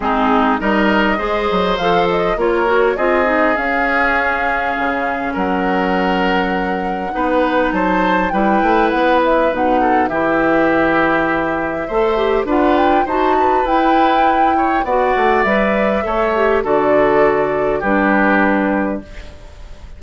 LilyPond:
<<
  \new Staff \with { instrumentName = "flute" } { \time 4/4 \tempo 4 = 101 gis'4 dis''2 f''8 dis''8 | cis''4 dis''4 f''2~ | f''4 fis''2.~ | fis''4 a''4 g''4 fis''8 e''8 |
fis''4 e''2.~ | e''4 fis''8 g''8 a''4 g''4~ | g''4 fis''4 e''2 | d''2 b'2 | }
  \new Staff \with { instrumentName = "oboe" } { \time 4/4 dis'4 ais'4 c''2 | ais'4 gis'2.~ | gis'4 ais'2. | b'4 c''4 b'2~ |
b'8 a'8 g'2. | c''4 b'4 c''8 b'4.~ | b'8 cis''8 d''2 cis''4 | a'2 g'2 | }
  \new Staff \with { instrumentName = "clarinet" } { \time 4/4 c'4 dis'4 gis'4 a'4 | f'8 fis'8 f'8 dis'8 cis'2~ | cis'1 | dis'2 e'2 |
dis'4 e'2. | a'8 g'8 f'4 fis'4 e'4~ | e'4 fis'4 b'4 a'8 g'8 | fis'2 d'2 | }
  \new Staff \with { instrumentName = "bassoon" } { \time 4/4 gis4 g4 gis8 fis8 f4 | ais4 c'4 cis'2 | cis4 fis2. | b4 fis4 g8 a8 b4 |
b,4 e2. | a4 d'4 dis'4 e'4~ | e'4 b8 a8 g4 a4 | d2 g2 | }
>>